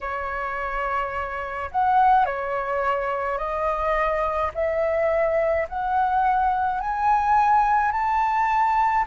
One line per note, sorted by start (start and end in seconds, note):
0.00 1.70 C#5
1.71 2.25 F#5
2.25 3.38 C#5
3.38 4.51 D#5
4.54 5.67 E5
5.69 6.80 F#5
6.80 7.91 G#5
7.91 9.04 A5